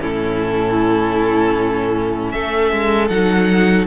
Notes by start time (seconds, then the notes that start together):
0.00 A2 C#4 E4 A4
2.31 A3 A4 E5
2.71 G#3
3.08 F#3 D#4 F#5